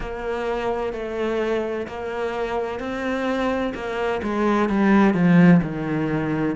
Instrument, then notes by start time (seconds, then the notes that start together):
cello
0.00 A#3
0.92 A3
1.87 A#3
2.79 C4
3.74 A#3
4.22 G#3
4.69 G3
5.13 F3
5.62 D#3